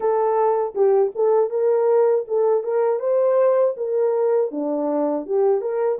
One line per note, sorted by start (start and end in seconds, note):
0.00 0.74 A4
0.74 1.12 G4
1.15 1.50 A4
1.50 2.25 A#4
2.27 2.63 A4
2.63 2.99 A#4
2.99 3.74 C5
3.76 4.51 A#4
4.51 5.25 D4
5.25 5.61 G4
5.61 5.98 A#4